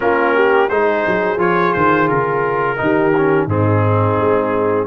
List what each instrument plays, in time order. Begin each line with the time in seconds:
0.00 tuba A#3, trombone C#4, horn F4, trumpet A#4
0.34 horn G4
0.69 tuba G#3, trombone D#4, horn G#4, trumpet C5
1.07 tuba F#3
1.37 tuba F3, trombone F4, trumpet C#5
1.73 tuba D#3, trumpet C5
2.08 tuba C#3, trumpet A#4
2.77 tuba D#3, trombone D#4, horn G4
3.17 trombone C#4
3.46 tuba G#2, trombone C4, horn D#4, trumpet G#4
4.20 tuba G#3